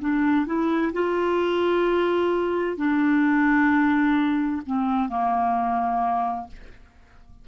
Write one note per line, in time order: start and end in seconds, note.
0.00 0.46 D4
0.46 0.92 E4
0.93 2.77 F4
2.77 4.62 D4
4.66 5.09 C4
5.09 6.47 A#3